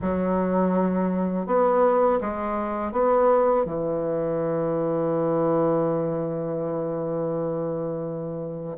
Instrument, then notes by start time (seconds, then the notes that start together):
bassoon
0.01 F#3
1.46 B3
2.20 G#3
2.91 B3
3.65 E3